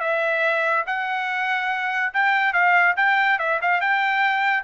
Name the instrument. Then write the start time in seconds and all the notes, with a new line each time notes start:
trumpet
0.00 E5
0.86 F#5
2.14 G5
2.53 F5
2.96 G5
3.39 E5
3.62 F5
3.81 G5